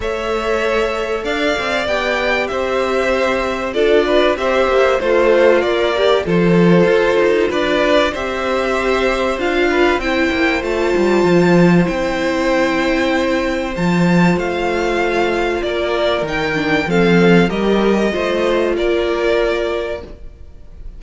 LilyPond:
<<
  \new Staff \with { instrumentName = "violin" } { \time 4/4 \tempo 4 = 96 e''2 f''4 g''4 | e''2 d''4 e''4 | c''4 d''4 c''2 | d''4 e''2 f''4 |
g''4 a''2 g''4~ | g''2 a''4 f''4~ | f''4 d''4 g''4 f''4 | dis''2 d''2 | }
  \new Staff \with { instrumentName = "violin" } { \time 4/4 cis''2 d''2 | c''2 a'8 b'8 c''4 | f'4. g'8 a'2 | b'4 c''2~ c''8 b'8 |
c''1~ | c''1~ | c''4 ais'2 a'4 | ais'4 c''4 ais'2 | }
  \new Staff \with { instrumentName = "viola" } { \time 4/4 a'2. g'4~ | g'2 f'4 g'4 | a'4 ais'4 f'2~ | f'4 g'2 f'4 |
e'4 f'2 e'4~ | e'2 f'2~ | f'2 dis'8 d'8 c'4 | g'4 f'2. | }
  \new Staff \with { instrumentName = "cello" } { \time 4/4 a2 d'8 c'8 b4 | c'2 d'4 c'8 ais8 | a4 ais4 f4 f'8 dis'8 | d'4 c'2 d'4 |
c'8 ais8 a8 g8 f4 c'4~ | c'2 f4 a4~ | a4 ais4 dis4 f4 | g4 a4 ais2 | }
>>